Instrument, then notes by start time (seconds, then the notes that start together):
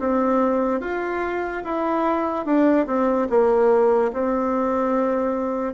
bassoon
0.00 C4
0.81 F4
1.65 E4
2.46 D4
2.87 C4
3.30 A#3
4.13 C4